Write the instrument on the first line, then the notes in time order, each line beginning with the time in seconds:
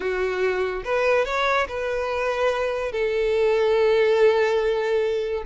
violin
0.00 F#4
0.84 B4
1.25 C#5
1.68 B4
2.92 A4